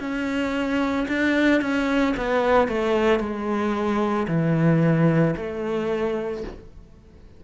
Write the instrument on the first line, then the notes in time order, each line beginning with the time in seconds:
cello
0.00 C#4
1.09 D4
1.61 C#4
2.17 B3
2.68 A3
3.20 G#3
4.28 E3
5.37 A3